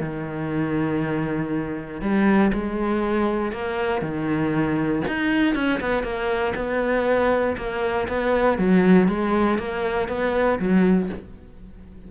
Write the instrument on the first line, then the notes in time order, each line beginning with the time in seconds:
cello
0.00 D#3
2.01 G3
2.53 G#3
3.52 A#3
4.02 D#3
5.08 D#4
5.55 C#4
5.81 B3
6.03 A#3
6.55 B3
7.57 A#3
8.09 B3
8.58 F#3
9.08 G#3
9.58 A#3
10.08 B3
10.59 F#3